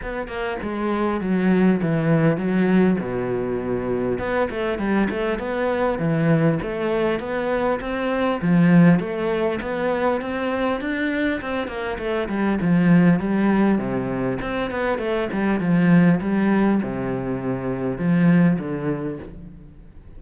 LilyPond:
\new Staff \with { instrumentName = "cello" } { \time 4/4 \tempo 4 = 100 b8 ais8 gis4 fis4 e4 | fis4 b,2 b8 a8 | g8 a8 b4 e4 a4 | b4 c'4 f4 a4 |
b4 c'4 d'4 c'8 ais8 | a8 g8 f4 g4 c4 | c'8 b8 a8 g8 f4 g4 | c2 f4 d4 | }